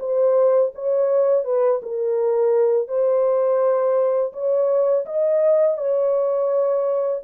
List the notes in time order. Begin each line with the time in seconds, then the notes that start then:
0.00 C5
0.75 C#5
1.45 B4
1.83 A#4
2.88 C5
4.33 C#5
5.06 D#5
5.78 C#5